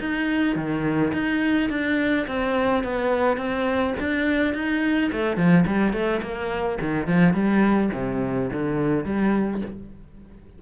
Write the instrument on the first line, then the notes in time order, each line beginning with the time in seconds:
cello
0.00 D#4
0.56 D#3
1.13 D#4
1.70 D4
2.28 C4
2.84 B3
3.38 C4
4.00 D4
4.55 D#4
5.12 A3
5.37 F3
5.67 G3
5.93 A3
6.23 A#3
6.81 D#3
7.08 F3
7.34 G3
7.94 C3
8.53 D3
9.05 G3